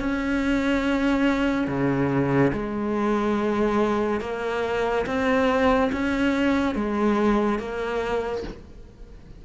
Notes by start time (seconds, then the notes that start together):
0.00 C#4
1.68 C#3
2.53 G#3
4.21 A#3
5.06 C4
5.93 C#4
6.75 G#3
7.59 A#3